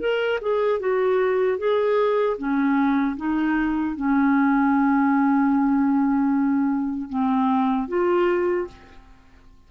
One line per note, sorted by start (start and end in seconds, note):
0.00 0.39 A#4
0.41 0.80 G#4
0.80 1.58 F#4
1.58 2.37 G#4
2.38 3.17 C#4
3.17 3.96 D#4
3.96 7.09 C#4
7.09 7.88 C4
7.88 8.67 F4